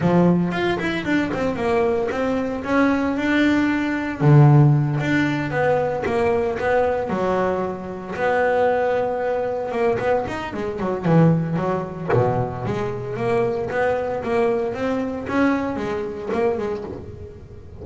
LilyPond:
\new Staff \with { instrumentName = "double bass" } { \time 4/4 \tempo 4 = 114 f4 f'8 e'8 d'8 c'8 ais4 | c'4 cis'4 d'2 | d4. d'4 b4 ais8~ | ais8 b4 fis2 b8~ |
b2~ b8 ais8 b8 dis'8 | gis8 fis8 e4 fis4 b,4 | gis4 ais4 b4 ais4 | c'4 cis'4 gis4 ais8 gis8 | }